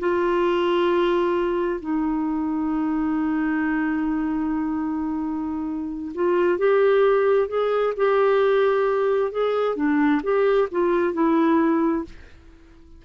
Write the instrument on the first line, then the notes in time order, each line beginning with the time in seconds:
clarinet
0.00 F4
1.81 D#4
6.15 F4
6.59 G4
7.48 G#4
7.97 G4
9.32 G#4
9.76 D4
10.23 G4
10.72 F4
11.14 E4